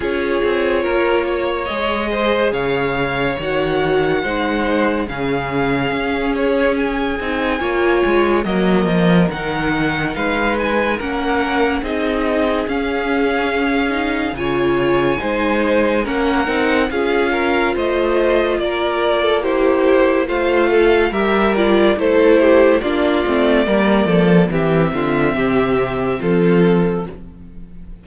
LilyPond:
<<
  \new Staff \with { instrumentName = "violin" } { \time 4/4 \tempo 4 = 71 cis''2 dis''4 f''4 | fis''2 f''4. cis''8 | gis''2 dis''4 fis''4 | f''8 gis''8 fis''4 dis''4 f''4~ |
f''4 gis''2 fis''4 | f''4 dis''4 d''4 c''4 | f''4 e''8 d''8 c''4 d''4~ | d''4 e''2 a'4 | }
  \new Staff \with { instrumentName = "violin" } { \time 4/4 gis'4 ais'8 cis''4 c''8 cis''4~ | cis''4 c''4 gis'2~ | gis'4 cis''4 ais'2 | b'4 ais'4 gis'2~ |
gis'4 cis''4 c''4 ais'4 | gis'8 ais'8 c''4 ais'8. a'16 g'4 | c''8 a'8 ais'4 a'8 g'8 f'4 | ais'8 a'8 g'8 f'8 g'4 f'4 | }
  \new Staff \with { instrumentName = "viola" } { \time 4/4 f'2 gis'2 | fis'4 dis'4 cis'2~ | cis'8 dis'8 f'4 ais4 dis'4~ | dis'4 cis'4 dis'4 cis'4~ |
cis'8 dis'8 f'4 dis'4 cis'8 dis'8 | f'2. e'4 | f'4 g'8 f'8 e'4 d'8 c'8 | ais4 c'2. | }
  \new Staff \with { instrumentName = "cello" } { \time 4/4 cis'8 c'8 ais4 gis4 cis4 | dis4 gis4 cis4 cis'4~ | cis'8 c'8 ais8 gis8 fis8 f8 dis4 | gis4 ais4 c'4 cis'4~ |
cis'4 cis4 gis4 ais8 c'8 | cis'4 a4 ais2 | a4 g4 a4 ais8 a8 | g8 f8 e8 d8 c4 f4 | }
>>